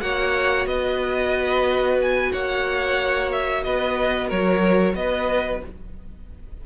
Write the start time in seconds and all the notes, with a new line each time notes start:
0.00 A#3 F#4 C#5 F#5
0.66 B3 B4 D#5
2.01 G#5
2.32 A#3 C#5 F#5
3.32 E5
3.63 B3 B4 D#5
4.27 F#3 A#4 C#5
4.95 B3 B4 D#5